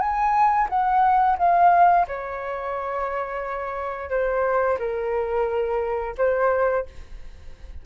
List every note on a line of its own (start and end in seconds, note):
0.00 0.68 G#5
0.69 1.37 F#5
1.38 2.06 F5
2.08 4.10 C#5
4.10 4.78 C5
4.79 6.15 A#4
6.18 6.86 C5